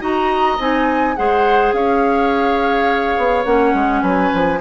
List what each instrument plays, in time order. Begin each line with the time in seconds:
0.00 bassoon D#4, clarinet F#4, oboe D#5, flute A#5
0.59 bassoon C4, clarinet D#4, flute G#5
1.16 bassoon G#3, clarinet G#4, oboe C5, flute F#5
1.72 bassoon C#4, oboe C#5, flute F5
3.17 bassoon B3
3.45 bassoon A#3, clarinet C#4, flute F#5
3.74 bassoon G#3
4.02 bassoon F#3, oboe B4, flute G#5
4.34 bassoon F3